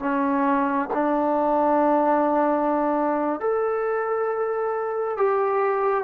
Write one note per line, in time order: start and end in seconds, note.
0.00 0.90 C#4
0.94 3.40 D4
3.40 5.17 A4
5.17 6.04 G4